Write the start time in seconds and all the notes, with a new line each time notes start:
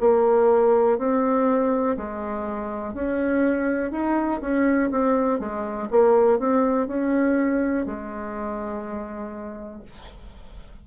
0.00 A#3
0.98 C4
1.97 G#3
2.94 C#4
3.91 D#4
4.41 C#4
4.91 C4
5.39 G#3
5.91 A#3
6.38 C4
6.87 C#4
7.86 G#3